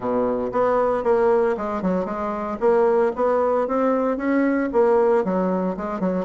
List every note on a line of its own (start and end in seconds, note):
0.00 0.50 B2
0.51 1.03 B3
1.03 1.55 A#3
1.57 1.81 G#3
1.81 2.05 F#3
2.05 2.57 G#3
2.59 3.12 A#3
3.15 3.67 B3
3.67 4.17 C4
4.17 4.69 C#4
4.72 5.24 A#3
5.24 5.76 F#3
5.77 6.00 G#3
6.00 6.25 F#3